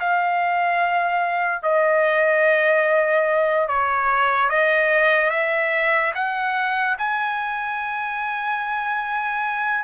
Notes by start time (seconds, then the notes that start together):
0.00 F5
1.63 D#5
3.68 C#5
4.49 D#5
5.30 E5
6.15 F#5
6.98 G#5